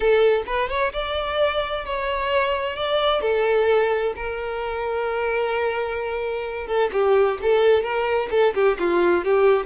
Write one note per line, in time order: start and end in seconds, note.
0.00 0.43 A4
0.46 0.69 B4
0.69 0.92 C#5
0.93 1.85 D5
1.85 2.76 C#5
2.76 3.21 D5
3.21 4.13 A4
4.16 6.67 A#4
6.67 6.90 A4
6.92 7.38 G4
7.42 7.83 A4
7.83 8.29 A#4
8.30 8.53 A4
8.54 8.77 G4
8.79 9.24 F4
9.24 9.65 G4